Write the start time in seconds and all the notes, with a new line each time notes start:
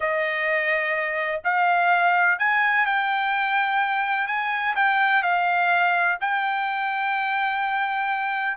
0.00 D#5
1.44 F5
2.38 G#5
2.85 G5
4.27 G#5
4.75 G5
5.23 F5
6.20 G5